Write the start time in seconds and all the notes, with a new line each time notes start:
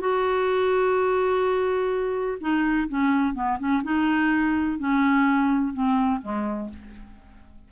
0.00 F#4
2.40 D#4
2.88 C#4
3.34 B3
3.59 C#4
3.83 D#4
4.78 C#4
5.73 C4
6.22 G#3